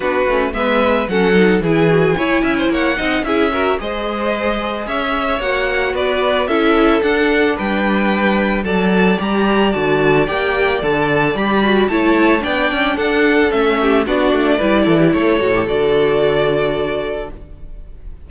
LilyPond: <<
  \new Staff \with { instrumentName = "violin" } { \time 4/4 \tempo 4 = 111 b'4 e''4 fis''4 gis''4~ | gis''4 fis''4 e''4 dis''4~ | dis''4 e''4 fis''4 d''4 | e''4 fis''4 g''2 |
a''4 ais''4 a''4 g''4 | a''4 b''4 a''4 g''4 | fis''4 e''4 d''2 | cis''4 d''2. | }
  \new Staff \with { instrumentName = "violin" } { \time 4/4 fis'4 b'4 a'4 gis'4 | cis''8 e''16 c''16 cis''8 dis''8 gis'8 ais'8 c''4~ | c''4 cis''2 b'4 | a'2 b'2 |
d''1~ | d''2 cis''4 d''4 | a'4. g'8 fis'4 b'8 a'16 g'16 | a'1 | }
  \new Staff \with { instrumentName = "viola" } { \time 4/4 d'8 cis'8 b4 cis'8 dis'8 e'8 fis'8 | e'4. dis'8 e'8 fis'8 gis'4~ | gis'2 fis'2 | e'4 d'2. |
a'4 g'4 fis'4 g'4 | a'4 g'8 fis'8 e'4 d'4~ | d'4 cis'4 d'4 e'4~ | e'8 fis'16 g'16 fis'2. | }
  \new Staff \with { instrumentName = "cello" } { \time 4/4 b8 a8 gis4 fis4 e4 | e'8 cis'8 ais8 c'8 cis'4 gis4~ | gis4 cis'4 ais4 b4 | cis'4 d'4 g2 |
fis4 g4 d4 ais4 | d4 g4 a4 b8 cis'8 | d'4 a4 b8 a8 g8 e8 | a8 a,8 d2. | }
>>